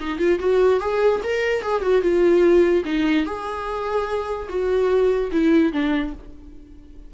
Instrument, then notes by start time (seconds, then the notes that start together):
viola
0.00 D#4
0.18 F4
0.39 F#4
0.80 G#4
1.23 A#4
1.62 G#4
1.81 F#4
2.01 F4
2.84 D#4
3.25 G#4
4.48 F#4
5.32 E4
5.72 D4